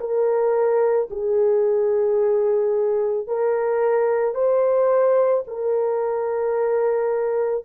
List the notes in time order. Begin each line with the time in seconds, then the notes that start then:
0.00 A#4
1.11 G#4
3.27 A#4
4.34 C5
5.47 A#4